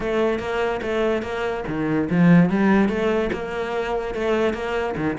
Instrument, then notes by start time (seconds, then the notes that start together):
cello
0.00 A3
0.39 A#3
0.82 A3
1.22 A#3
1.67 D#3
2.10 F3
2.49 G3
2.89 A3
3.32 A#3
4.14 A3
4.53 A#3
4.97 D#3